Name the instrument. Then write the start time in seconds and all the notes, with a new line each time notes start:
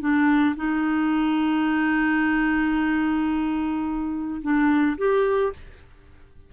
clarinet
0.00 D4
0.56 D#4
4.42 D4
4.98 G4